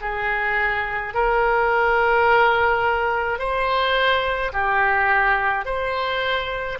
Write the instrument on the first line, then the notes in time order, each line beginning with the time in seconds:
oboe
0.00 G#4
1.13 A#4
3.39 C5
4.52 G4
5.65 C5